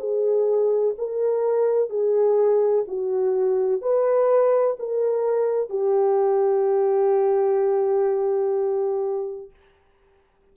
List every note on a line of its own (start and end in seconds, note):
0.00 0.95 G#4
0.98 1.90 A#4
1.90 2.85 G#4
2.88 3.82 F#4
3.82 4.77 B4
4.79 5.70 A#4
5.70 9.51 G4